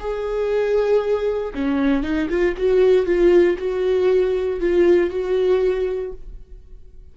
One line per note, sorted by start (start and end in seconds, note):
0.00 1.54 G#4
1.55 2.03 C#4
2.03 2.29 D#4
2.30 2.55 F4
2.57 3.06 F#4
3.06 3.57 F4
3.59 4.61 F#4
4.61 5.10 F4
5.10 6.13 F#4